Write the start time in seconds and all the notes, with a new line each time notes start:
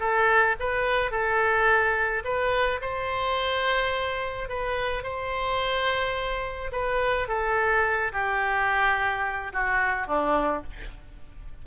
0.00 A4
0.60 B4
1.11 A4
2.25 B4
2.82 C5
4.49 B4
5.03 C5
6.73 B4
7.28 A4
8.13 G4
9.53 F#4
10.08 D4